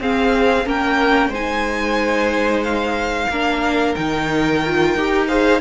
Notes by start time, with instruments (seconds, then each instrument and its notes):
0.00 cello C4, viola C4, violin G#4 F5
0.66 cello A#3, viola C#4, violin A#4 G5
1.29 cello G#3, viola D#4, violin C5 G#5
2.63 violin F5
3.29 cello A#3, viola D4, violin A#4
3.95 cello D#3, viola D#4, violin G5
4.66 viola F4
4.95 cello D#4, viola G4
5.28 viola G#4, violin C5 F5